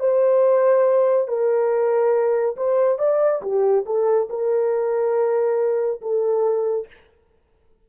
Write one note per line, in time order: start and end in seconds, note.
0.00 1.28 C5
1.28 2.56 A#4
2.57 2.99 C5
2.99 3.42 D5
3.42 3.85 G4
3.86 4.29 A4
4.30 6.01 A#4
6.02 6.87 A4